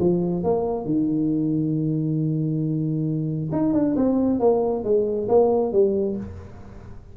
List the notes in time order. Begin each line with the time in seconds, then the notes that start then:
0.00 F3
0.44 A#3
0.86 D#3
3.53 D#4
3.74 D4
3.96 C4
4.40 A#3
4.84 G#3
5.29 A#3
5.73 G3